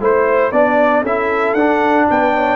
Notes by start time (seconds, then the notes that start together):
0.00 A3 E4 C5
0.51 B3 D4 D5
1.02 C#4 E4 A4 E5
1.54 D4 F#5
2.10 B3 B4 G5
2.34 C#5